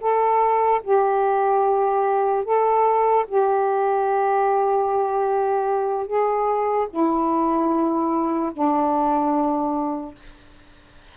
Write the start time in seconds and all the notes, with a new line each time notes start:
0.00 A4
0.83 G4
2.44 A4
3.28 G4
6.06 G#4
6.90 E4
8.52 D4